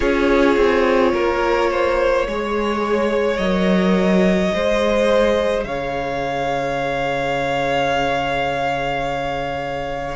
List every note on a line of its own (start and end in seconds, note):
0.00 0.56 C#4
0.00 2.25 F4
0.00 1.11 G#4
0.00 3.37 C#5
0.56 1.12 C4
1.13 2.27 A#3
1.13 1.70 A#4
1.70 2.27 C5
2.27 3.38 G#3
2.27 3.41 G#4
2.27 4.54 C#5
3.37 4.51 F#3
3.37 4.54 A#4
3.37 5.63 D#5
4.54 5.64 G#3
4.54 10.15 G#4
4.54 5.67 C5
5.64 10.15 C#3
5.64 10.15 C#5
5.64 10.15 F5